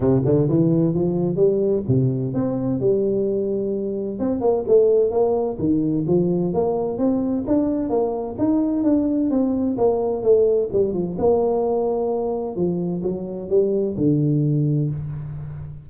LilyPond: \new Staff \with { instrumentName = "tuba" } { \time 4/4 \tempo 4 = 129 c8 d8 e4 f4 g4 | c4 c'4 g2~ | g4 c'8 ais8 a4 ais4 | dis4 f4 ais4 c'4 |
d'4 ais4 dis'4 d'4 | c'4 ais4 a4 g8 f8 | ais2. f4 | fis4 g4 d2 | }